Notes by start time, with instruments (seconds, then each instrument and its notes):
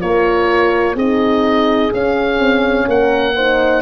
0.00 tuba A#3, horn F4 A#4, oboe C#5
0.95 tuba C4, horn D#4 G#4, oboe D#5
1.92 horn C#4, tuba C#4, oboe F5
2.39 tuba C4
2.87 tuba A#3, horn A#4, oboe F#5
3.35 horn D#4 C5